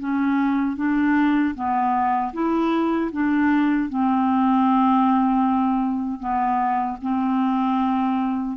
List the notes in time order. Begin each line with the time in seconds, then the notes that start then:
0.00 C#4
0.77 D4
1.55 B3
2.33 E4
3.12 D4
3.89 C4
6.20 B3
7.02 C4